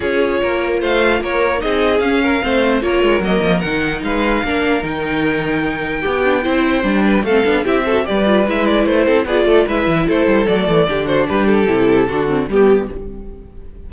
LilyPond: <<
  \new Staff \with { instrumentName = "violin" } { \time 4/4 \tempo 4 = 149 cis''2 f''4 cis''4 | dis''4 f''2 cis''4 | dis''4 fis''4 f''2 | g''1~ |
g''2 f''4 e''4 | d''4 e''8 d''8 c''4 d''4 | e''4 c''4 d''4. c''8 | b'8 a'2~ a'8 g'4 | }
  \new Staff \with { instrumentName = "violin" } { \time 4/4 gis'4 ais'4 c''4 ais'4 | gis'4. ais'8 c''4 ais'4~ | ais'2 b'4 ais'4~ | ais'2. g'4 |
c''4. b'8 a'4 g'8 a'8 | b'2~ b'8 a'8 gis'8 a'8 | b'4 a'2 g'8 fis'8 | g'2 fis'4 g'4 | }
  \new Staff \with { instrumentName = "viola" } { \time 4/4 f'1 | dis'4 cis'4 c'4 f'4 | ais4 dis'2 d'4 | dis'2. g'8 d'8 |
e'4 d'4 c'8 d'8 e'8 fis'8 | g'8 f'8 e'2 f'4 | e'2 a4 d'4~ | d'4 e'4 d'8 c'8 b4 | }
  \new Staff \with { instrumentName = "cello" } { \time 4/4 cis'4 ais4 a4 ais4 | c'4 cis'4 a4 ais8 gis8 | fis8 f8 dis4 gis4 ais4 | dis2. b4 |
c'4 g4 a8 b8 c'4 | g4 gis4 a8 c'8 b8 a8 | gis8 e8 a8 g8 fis8 e8 d4 | g4 c4 d4 g4 | }
>>